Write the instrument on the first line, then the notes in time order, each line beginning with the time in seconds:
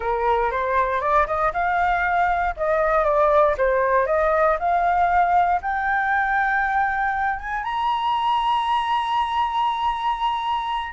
flute
0.00 A#4
0.51 C5
1.00 D5
1.27 D#5
1.53 F5
2.57 D#5
3.04 D5
3.57 C5
4.06 D#5
4.59 F5
5.61 G5
7.39 G#5
7.63 A#5